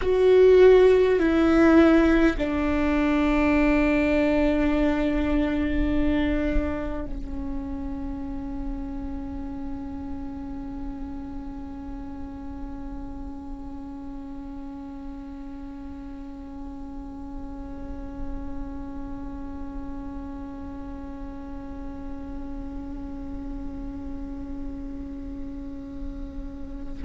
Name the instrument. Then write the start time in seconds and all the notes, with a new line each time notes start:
viola
0.01 F#4
1.19 E4
2.37 D4
7.05 C#4